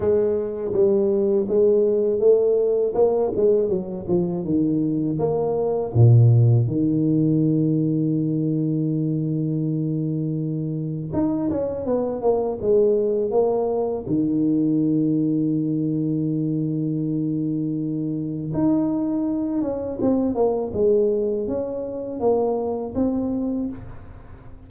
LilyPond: \new Staff \with { instrumentName = "tuba" } { \time 4/4 \tempo 4 = 81 gis4 g4 gis4 a4 | ais8 gis8 fis8 f8 dis4 ais4 | ais,4 dis2.~ | dis2. dis'8 cis'8 |
b8 ais8 gis4 ais4 dis4~ | dis1~ | dis4 dis'4. cis'8 c'8 ais8 | gis4 cis'4 ais4 c'4 | }